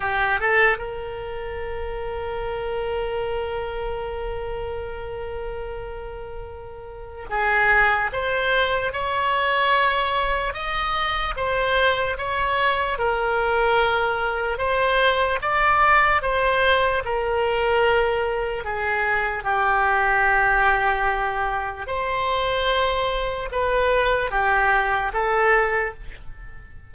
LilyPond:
\new Staff \with { instrumentName = "oboe" } { \time 4/4 \tempo 4 = 74 g'8 a'8 ais'2.~ | ais'1~ | ais'4 gis'4 c''4 cis''4~ | cis''4 dis''4 c''4 cis''4 |
ais'2 c''4 d''4 | c''4 ais'2 gis'4 | g'2. c''4~ | c''4 b'4 g'4 a'4 | }